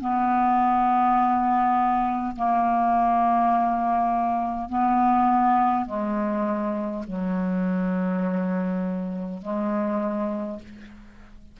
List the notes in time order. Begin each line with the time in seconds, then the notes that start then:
0.00 B3
2.35 A#3
4.68 B3
5.86 G#3
7.07 F#3
9.41 G#3